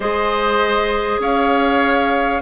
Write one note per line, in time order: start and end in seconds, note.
0.00 1.18 G#3
0.00 2.41 G#4
0.00 1.21 C5
0.00 1.20 D#5
1.19 2.40 C#4
1.19 2.41 C#5
1.19 2.41 F5